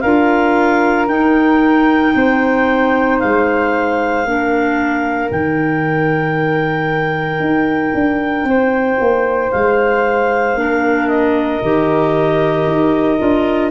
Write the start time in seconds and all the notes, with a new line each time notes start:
0.00 D4 F4 A#4 F5
1.08 D#4 G5
2.15 C4 C5
3.19 G#3 F5
4.25 A#3 D4 A#4
5.30 D#3 D#4 G5
7.40 D#4
7.94 D4
8.44 C4 C5
9.00 A#3
9.51 G#3 F5
10.55 A#3 D4 A#4
11.07 D#5
11.62 D#3 G4
12.66 D#4
13.18 D4 F4